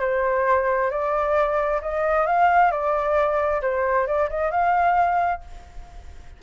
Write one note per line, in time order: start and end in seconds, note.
0.00 0.90 C5
0.90 1.81 D5
1.81 2.27 D#5
2.27 2.71 F5
2.71 3.61 D5
3.62 4.07 C5
4.07 4.29 D5
4.30 4.51 D#5
4.51 5.41 F5